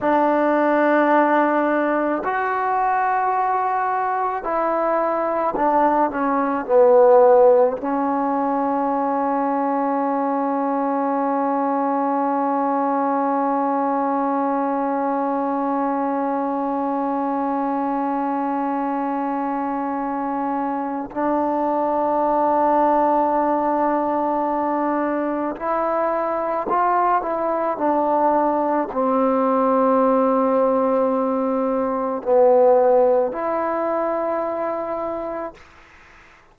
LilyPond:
\new Staff \with { instrumentName = "trombone" } { \time 4/4 \tempo 4 = 54 d'2 fis'2 | e'4 d'8 cis'8 b4 cis'4~ | cis'1~ | cis'1~ |
cis'2. d'4~ | d'2. e'4 | f'8 e'8 d'4 c'2~ | c'4 b4 e'2 | }